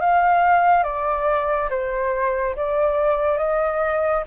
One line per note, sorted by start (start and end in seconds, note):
0.00 0.83 F5
0.83 1.69 D5
1.69 2.55 C5
2.56 3.38 D5
3.38 4.24 D#5